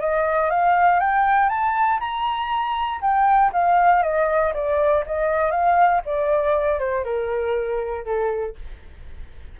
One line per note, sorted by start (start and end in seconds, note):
0.00 0.50 D#5
0.50 0.99 F5
0.99 1.49 G5
1.49 1.99 A5
1.99 3.00 A#5
3.01 3.51 G5
3.52 4.02 F5
4.02 4.53 D#5
4.53 5.04 D5
5.06 5.51 D#5
5.51 6.01 F5
6.05 6.79 D5
6.79 7.04 C5
7.04 8.05 A#4
8.05 8.55 A4